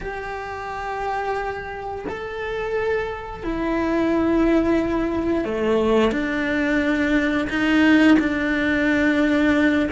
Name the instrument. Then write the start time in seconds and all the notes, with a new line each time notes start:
cello
0.00 G4
2.08 A4
3.43 E4
5.44 A3
6.11 D4
7.49 D#4
8.19 D4